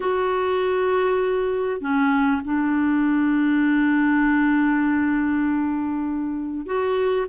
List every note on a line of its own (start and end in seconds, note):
0.00 1.80 F#4
1.80 2.41 C#4
2.44 6.66 D4
6.66 7.26 F#4